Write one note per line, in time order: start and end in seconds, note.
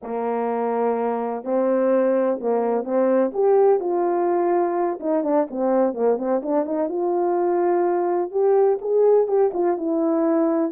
0.02 1.44 A#3
1.44 2.39 C4
2.40 2.83 A#3
2.83 3.31 C4
3.33 3.80 G4
3.80 4.99 F4
5.00 5.23 D#4
5.23 5.47 D4
5.50 5.93 C4
5.93 6.17 A#3
6.17 6.41 C4
6.42 6.65 D4
6.65 6.89 D#4
6.89 8.31 F4
8.31 8.79 G4
8.81 9.27 G#4
9.27 9.51 G4
9.53 9.77 F4
9.77 10.72 E4